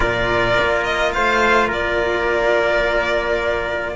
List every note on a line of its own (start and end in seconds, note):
0.00 0.57 A#2
0.00 3.94 F4
0.00 1.11 A#4
0.00 0.83 D5
0.60 1.16 A#3
0.83 1.11 D#5
1.12 1.71 A3
1.12 1.67 C5
1.12 1.69 F5
1.67 3.95 A#3
1.67 3.94 A#4
1.67 3.95 D5